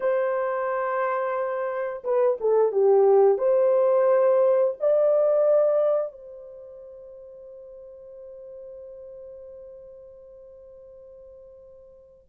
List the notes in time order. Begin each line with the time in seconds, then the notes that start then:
0.00 C5
2.04 B4
2.40 A4
2.72 G4
3.37 C5
4.80 D5
6.12 C5